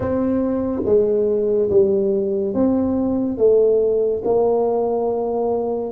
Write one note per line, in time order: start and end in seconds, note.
0.00 0.81 C4
0.85 1.69 G#3
1.69 2.54 G3
2.54 3.37 C4
3.37 4.22 A3
4.24 5.92 A#3